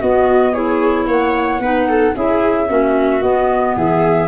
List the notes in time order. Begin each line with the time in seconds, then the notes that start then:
0.00 B3 F#4 D#5
0.53 E4 G#4 C#5
1.07 A#3 C#5 F#5
1.60 B3 D#4 B4
1.89 A4
2.16 C#4 E4 G#4 E5
2.68 A#3 C#4 F#4
3.21 B3 D#5
3.76 E3 G#4 E5